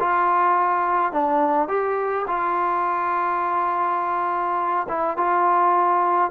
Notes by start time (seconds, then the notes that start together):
0.00 F4
1.12 D4
1.69 G4
2.28 F4
4.89 E4
5.17 F4